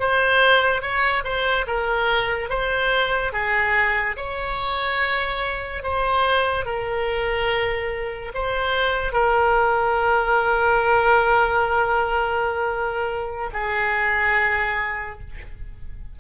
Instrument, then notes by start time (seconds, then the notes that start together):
oboe
0.00 C5
0.82 C#5
1.25 C5
1.67 A#4
2.50 C5
3.33 G#4
4.17 C#5
5.83 C5
6.66 A#4
8.34 C5
9.13 A#4
13.53 G#4